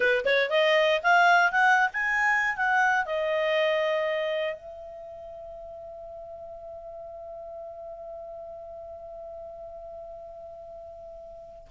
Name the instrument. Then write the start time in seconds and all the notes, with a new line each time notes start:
clarinet
0.00 B4
0.25 C#5
0.50 D#5
1.02 F5
1.51 F#5
1.93 G#5
2.56 F#5
3.05 D#5
4.55 E5